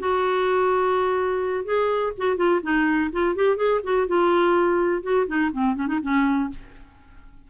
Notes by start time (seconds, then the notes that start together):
0.00 F#4
1.65 G#4
2.18 F#4
2.37 F4
2.63 D#4
3.12 F4
3.36 G4
3.57 G#4
3.84 F#4
4.08 F4
5.03 F#4
5.27 D#4
5.52 C4
5.76 C#4
5.88 D#4
6.02 C#4